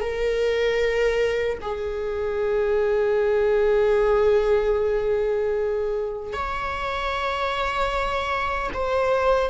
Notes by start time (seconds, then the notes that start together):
0.00 A#4
1.61 G#4
6.33 C#5
8.73 C5